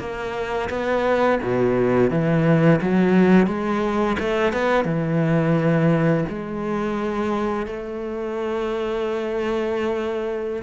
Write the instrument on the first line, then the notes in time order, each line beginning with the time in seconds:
cello
0.00 A#3
0.70 B3
1.43 B2
2.11 E3
2.82 F#3
3.47 G#3
4.20 A3
4.53 B3
4.85 E3
6.29 G#3
7.67 A3